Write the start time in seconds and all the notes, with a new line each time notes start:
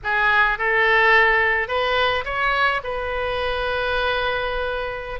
0.03 G#4
0.58 A4
1.68 B4
2.25 C#5
2.83 B4